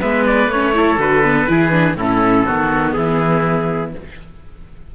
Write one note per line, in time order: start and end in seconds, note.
0.00 0.47 G#3
0.00 0.51 B3
0.00 0.74 B4
0.00 0.26 E5
0.26 0.50 D5
0.47 0.96 A3
0.47 0.74 C#4
0.47 0.99 C#5
0.74 0.98 E4
0.74 1.50 A4
0.98 1.47 D3
0.98 1.24 F#4
0.98 1.98 B4
1.24 1.48 B3
1.48 1.95 E3
1.48 1.71 E4
1.48 1.97 G#4
1.71 1.95 D4
1.95 2.45 A2
1.95 2.47 C#4
1.95 2.46 E4
1.95 2.93 A4
2.46 2.96 D#3
2.46 3.95 B3
2.46 2.95 F#4
2.93 3.95 E3
2.93 3.94 E4
2.93 3.91 G#4